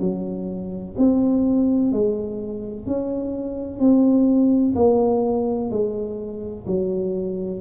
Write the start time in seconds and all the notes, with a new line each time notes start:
0.00 F#3
0.97 C4
1.92 G#3
2.86 C#4
3.79 C4
4.75 A#3
5.70 G#3
6.67 F#3